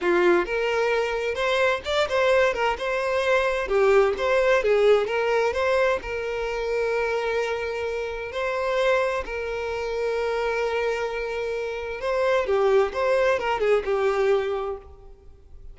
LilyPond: \new Staff \with { instrumentName = "violin" } { \time 4/4 \tempo 4 = 130 f'4 ais'2 c''4 | d''8 c''4 ais'8 c''2 | g'4 c''4 gis'4 ais'4 | c''4 ais'2.~ |
ais'2 c''2 | ais'1~ | ais'2 c''4 g'4 | c''4 ais'8 gis'8 g'2 | }